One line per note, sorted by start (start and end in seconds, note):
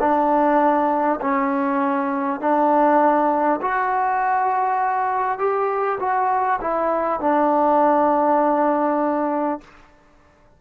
0.00 1.20 D4
1.21 2.40 C#4
2.40 3.60 D4
3.62 5.38 F#4
5.38 5.98 G4
5.99 6.59 F#4
6.61 7.21 E4
7.21 9.61 D4